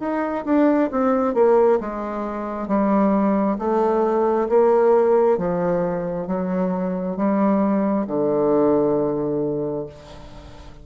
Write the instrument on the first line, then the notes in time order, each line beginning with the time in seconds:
bassoon
0.00 D#4
0.45 D4
0.91 C4
1.34 A#3
1.80 G#3
2.68 G3
3.59 A3
4.49 A#3
5.38 F3
6.27 F#3
7.17 G3
8.07 D3